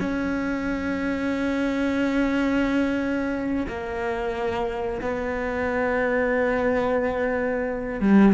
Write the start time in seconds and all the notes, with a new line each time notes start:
0.00 C#4
3.68 A#3
5.02 B3
8.00 G3